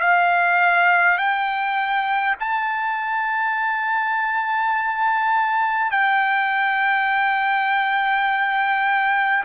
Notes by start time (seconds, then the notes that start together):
0.00 F5
1.18 G5
2.40 A5
5.91 G5